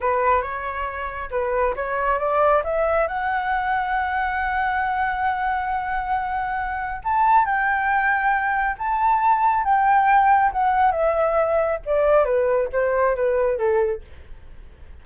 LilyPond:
\new Staff \with { instrumentName = "flute" } { \time 4/4 \tempo 4 = 137 b'4 cis''2 b'4 | cis''4 d''4 e''4 fis''4~ | fis''1~ | fis''1 |
a''4 g''2. | a''2 g''2 | fis''4 e''2 d''4 | b'4 c''4 b'4 a'4 | }